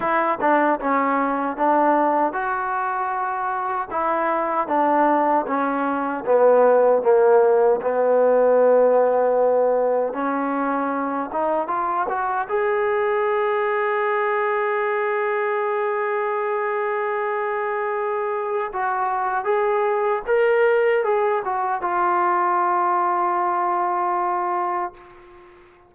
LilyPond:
\new Staff \with { instrumentName = "trombone" } { \time 4/4 \tempo 4 = 77 e'8 d'8 cis'4 d'4 fis'4~ | fis'4 e'4 d'4 cis'4 | b4 ais4 b2~ | b4 cis'4. dis'8 f'8 fis'8 |
gis'1~ | gis'1 | fis'4 gis'4 ais'4 gis'8 fis'8 | f'1 | }